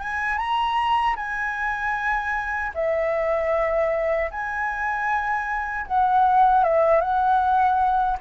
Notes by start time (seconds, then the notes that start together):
0.00 G#5
0.38 A#5
1.16 G#5
2.74 E5
4.31 G#5
5.87 F#5
6.64 E5
7.01 F#5